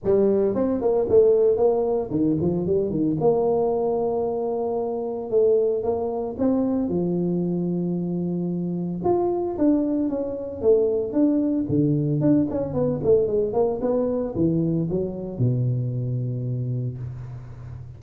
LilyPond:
\new Staff \with { instrumentName = "tuba" } { \time 4/4 \tempo 4 = 113 g4 c'8 ais8 a4 ais4 | dis8 f8 g8 dis8 ais2~ | ais2 a4 ais4 | c'4 f2.~ |
f4 f'4 d'4 cis'4 | a4 d'4 d4 d'8 cis'8 | b8 a8 gis8 ais8 b4 e4 | fis4 b,2. | }